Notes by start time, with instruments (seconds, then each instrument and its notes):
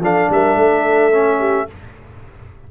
0.00 tuba F3, trombone D4, horn A4, trumpet F5
0.30 tuba G3, horn A#4, trumpet E5
0.56 tuba A3, horn A4
1.12 trombone C#4
1.40 horn G4